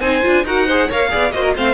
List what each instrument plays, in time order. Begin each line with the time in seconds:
0.00 cello C4, viola D#4, violin C5 G#5
0.22 cello D4, viola F4
0.44 cello D#4, viola F#4, violin A#4 F#5
0.66 viola G#4, violin C5
0.88 cello A#3, viola A#4, violin C#5 F5
1.10 cello B3, viola G#4, violin D5
1.32 cello A#3, viola F#4, violin C5 D#5
1.43 violin A#4
1.56 cello A3, viola C4, violin C5 F5